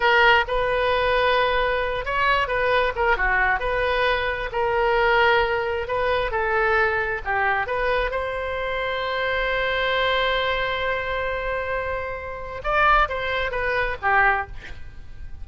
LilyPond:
\new Staff \with { instrumentName = "oboe" } { \time 4/4 \tempo 4 = 133 ais'4 b'2.~ | b'8 cis''4 b'4 ais'8 fis'4 | b'2 ais'2~ | ais'4 b'4 a'2 |
g'4 b'4 c''2~ | c''1~ | c''1 | d''4 c''4 b'4 g'4 | }